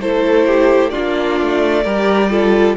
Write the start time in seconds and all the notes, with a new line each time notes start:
0.00 A3 E4 A4 C5
0.47 G4
0.90 D4 F4 D5
0.97 A#3
1.40 A3
1.83 G3 G4 A#4
2.30 F4 A4